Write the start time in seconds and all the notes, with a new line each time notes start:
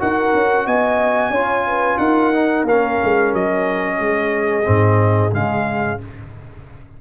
0.00 D#4 F#4 A#4 F#5
0.34 C#4
0.66 B3 D#5 G#5
1.30 C#4 F4 C#5
1.67 B4
1.98 D#4 A#4 F#5
2.34 D#4
2.64 A#3 C#4 F5
3.04 G#3
3.34 F#3 D#5
3.99 G#3 G#4
4.64 G#2 C4
5.32 C#3 G#3 F5